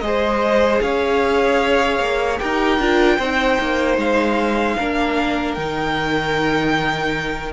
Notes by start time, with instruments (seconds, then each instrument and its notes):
0.00 cello G#3, viola G#4, violin D#5
0.06 violin C5
0.82 cello C#4, violin C#5 F5
2.00 cello A#3
2.39 cello D#4, viola G4, violin A#4 G5
2.79 cello D4, viola F4
3.18 cello C4, viola D#4, violin C5
3.61 cello A#3
3.98 cello G#3, violin F5
4.77 cello A#3, viola D4, violin A#4
5.54 cello D#3, viola D#4, violin G5